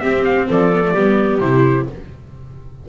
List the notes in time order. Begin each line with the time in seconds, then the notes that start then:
0.00 C4 G4 E5
0.25 F5
0.47 F3 A4 D5
0.73 B3
0.84 A3
0.93 G3 B3 G4
1.40 C3 E4 C5